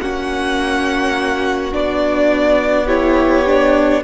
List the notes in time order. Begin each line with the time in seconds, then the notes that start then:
0.00 A#3 C#4 F#4 F#5
1.72 B3 D4 D5
2.85 E4 G4 C#5
3.46 D4